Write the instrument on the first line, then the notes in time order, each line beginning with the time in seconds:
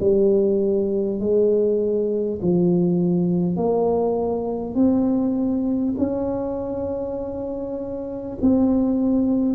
tuba
0.00 G3
1.20 G#3
2.42 F3
3.56 A#3
4.75 C4
5.98 C#4
8.41 C4